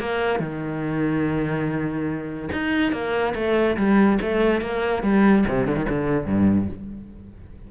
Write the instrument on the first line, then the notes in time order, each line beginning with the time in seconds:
cello
0.00 A#3
0.40 D#3
2.53 D#4
2.92 A#3
3.35 A3
3.77 G3
4.22 A3
4.61 A#3
5.03 G3
5.48 C3
5.67 D3
5.76 D#3
5.89 D3
6.26 G2